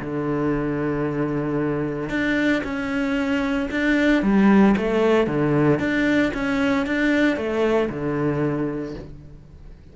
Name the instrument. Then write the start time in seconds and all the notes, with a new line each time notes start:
cello
0.00 D3
2.09 D4
2.63 C#4
3.70 D4
4.22 G3
4.77 A3
5.27 D3
5.79 D4
6.33 C#4
6.86 D4
7.36 A3
7.89 D3